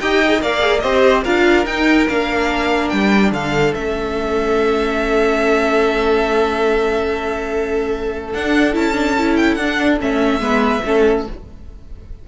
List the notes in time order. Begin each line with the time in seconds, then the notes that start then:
0.00 D#4 G4 D#5 G5
0.27 G#4
0.41 A#3 A#4 D5 F5
0.60 G#4
0.80 C4 G4 C5 D#5
1.24 D4 F4 A#4 F5
1.66 D#4 G5
2.09 A#3 D4 F5
2.89 G3 G5
3.32 D3 A4 F5
3.75 A3 C#4 E5
8.34 D4 F#5
8.73 C#4 E4 A5
8.94 D4
9.19 E4
9.37 G5
9.55 D4 F#5
10.00 A3 C#4 E5
10.40 G#3 B3 B4
10.85 A3 C#4 A4